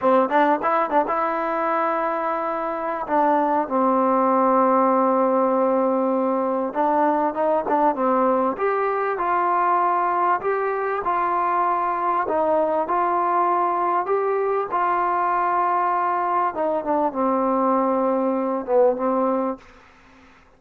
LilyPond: \new Staff \with { instrumentName = "trombone" } { \time 4/4 \tempo 4 = 98 c'8 d'8 e'8 d'16 e'2~ e'16~ | e'4 d'4 c'2~ | c'2. d'4 | dis'8 d'8 c'4 g'4 f'4~ |
f'4 g'4 f'2 | dis'4 f'2 g'4 | f'2. dis'8 d'8 | c'2~ c'8 b8 c'4 | }